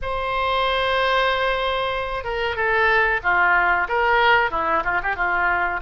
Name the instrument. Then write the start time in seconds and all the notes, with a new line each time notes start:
oboe
0.02 C5
2.23 A#4
2.55 A4
3.23 F4
3.88 A#4
4.50 E4
4.84 F4
5.03 G4
5.16 F4